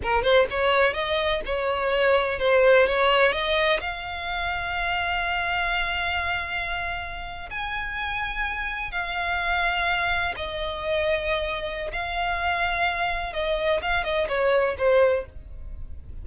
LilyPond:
\new Staff \with { instrumentName = "violin" } { \time 4/4 \tempo 4 = 126 ais'8 c''8 cis''4 dis''4 cis''4~ | cis''4 c''4 cis''4 dis''4 | f''1~ | f''2.~ f''8. gis''16~ |
gis''2~ gis''8. f''4~ f''16~ | f''4.~ f''16 dis''2~ dis''16~ | dis''4 f''2. | dis''4 f''8 dis''8 cis''4 c''4 | }